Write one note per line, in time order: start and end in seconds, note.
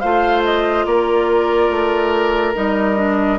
0.00 0.86 A3
0.00 2.55 F4
0.00 0.85 C5
0.00 0.42 F5
0.44 0.85 D#5
0.85 1.69 A#3
0.85 3.39 A#4
0.85 2.54 D5
1.69 2.54 A3
2.55 3.39 G3
2.55 2.97 D#4
2.55 3.39 D#5
2.97 3.39 D4